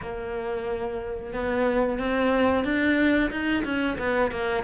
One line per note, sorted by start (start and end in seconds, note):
0.01 1.33 A#3
1.33 1.98 B3
1.98 2.64 C4
2.64 3.30 D4
3.30 3.63 D#4
3.64 3.97 C#4
3.98 4.31 B3
4.31 4.63 A#3